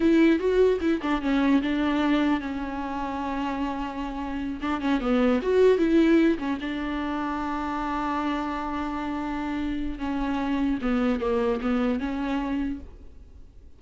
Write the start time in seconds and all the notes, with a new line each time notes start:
0.00 E4
0.39 F#4
0.81 E4
1.02 D4
1.21 C#4
1.62 D4
2.40 C#4
4.61 D4
4.81 C#4
5.00 B3
5.41 F#4
5.77 E4
6.38 C#4
6.60 D4
9.98 C#4
10.81 B3
11.20 A#3
11.61 B3
11.99 C#4